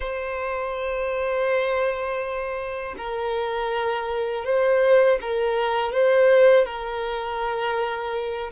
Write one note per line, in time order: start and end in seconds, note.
0.00 2.95 C5
2.97 4.44 A#4
4.44 5.19 C5
5.21 5.92 A#4
5.92 6.65 C5
6.65 8.50 A#4